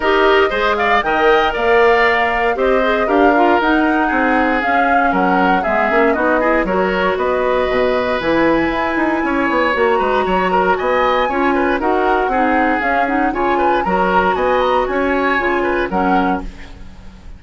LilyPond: <<
  \new Staff \with { instrumentName = "flute" } { \time 4/4 \tempo 4 = 117 dis''4. f''8 g''4 f''4~ | f''4 dis''4 f''4 fis''4~ | fis''4 f''4 fis''4 e''4 | dis''4 cis''4 dis''2 |
gis''2. ais''4~ | ais''4 gis''2 fis''4~ | fis''4 f''8 fis''8 gis''4 ais''4 | gis''8 ais''8 gis''2 fis''4 | }
  \new Staff \with { instrumentName = "oboe" } { \time 4/4 ais'4 c''8 d''8 dis''4 d''4~ | d''4 c''4 ais'2 | gis'2 ais'4 gis'4 | fis'8 gis'8 ais'4 b'2~ |
b'2 cis''4. b'8 | cis''8 ais'8 dis''4 cis''8 b'8 ais'4 | gis'2 cis''8 b'8 ais'4 | dis''4 cis''4. b'8 ais'4 | }
  \new Staff \with { instrumentName = "clarinet" } { \time 4/4 g'4 gis'4 ais'2~ | ais'4 g'8 gis'8 g'8 f'8 dis'4~ | dis'4 cis'2 b8 cis'8 | dis'8 e'8 fis'2. |
e'2. fis'4~ | fis'2 f'4 fis'4 | dis'4 cis'8 dis'8 f'4 fis'4~ | fis'2 f'4 cis'4 | }
  \new Staff \with { instrumentName = "bassoon" } { \time 4/4 dis'4 gis4 dis4 ais4~ | ais4 c'4 d'4 dis'4 | c'4 cis'4 fis4 gis8 ais8 | b4 fis4 b4 b,4 |
e4 e'8 dis'8 cis'8 b8 ais8 gis8 | fis4 b4 cis'4 dis'4 | c'4 cis'4 cis4 fis4 | b4 cis'4 cis4 fis4 | }
>>